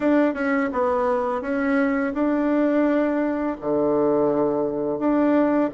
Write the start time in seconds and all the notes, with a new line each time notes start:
0.00 D4
0.34 C#4
0.72 B3
1.41 C#4
2.14 D4
3.60 D3
4.98 D4